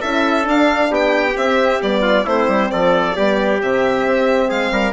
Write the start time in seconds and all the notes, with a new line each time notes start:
0.00 C#4 E4 A4 E5
0.42 D4
0.49 F5
0.90 B3 G4 G5
1.36 C4 E5
1.81 G3 B3 D5
2.01 F4
2.25 A3 C4 E4 C5
2.47 G3
2.71 F3 A4 D5
3.16 G3 B3 G4
3.61 C3 C4 E5
4.05 C4
4.48 G#3 G#4 F5
4.71 G3 A#4